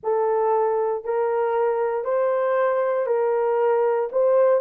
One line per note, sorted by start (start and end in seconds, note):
0.03 1.04 A4
1.04 2.04 A#4
2.04 3.06 C5
3.06 4.09 A#4
4.12 4.61 C5